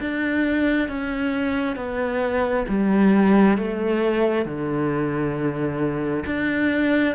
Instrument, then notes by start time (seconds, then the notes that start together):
cello
0.00 D4
0.88 C#4
1.76 B3
2.68 G3
3.57 A3
4.45 D3
6.26 D4